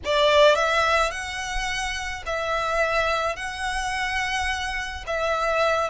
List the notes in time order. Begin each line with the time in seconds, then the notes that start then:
0.04 D5
0.55 E5
1.11 F#5
2.26 E5
3.36 F#5
5.06 E5